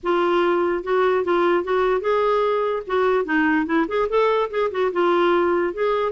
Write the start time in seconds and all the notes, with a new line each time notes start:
0.03 F4
0.83 F#4
1.24 F4
1.63 F#4
2.01 G#4
2.86 F#4
3.25 D#4
3.66 E4
3.88 G#4
4.09 A4
4.50 G#4
4.71 F#4
4.92 F4
5.73 G#4